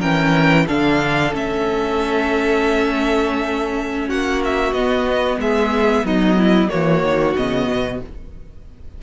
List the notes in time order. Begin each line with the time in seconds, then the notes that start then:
0.00 E3 C#4 A#4 G5
0.67 D3 D4 A4 F5
1.33 A3 C#4 E5
4.08 A#3 F#4 F#5
4.45 E5
4.73 B3 D#5
5.39 G#3 G#4 E5
6.05 F#3 D#4 D#5
6.39 E4
6.70 E3 A#3 F#4 C#5
7.03 D#3
7.37 C#3 B3 D#5
7.68 B2